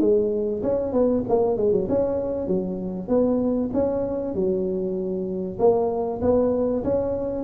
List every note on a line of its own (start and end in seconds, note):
0.00 0.62 G#3
0.62 0.93 C#4
0.93 1.23 B3
1.28 1.57 A#3
1.57 1.72 G#3
1.72 1.87 F#3
1.89 2.47 C#4
2.47 3.08 F#3
3.08 3.70 B3
3.73 4.34 C#4
4.34 5.58 F#3
5.59 6.21 A#3
6.21 6.83 B3
6.84 7.44 C#4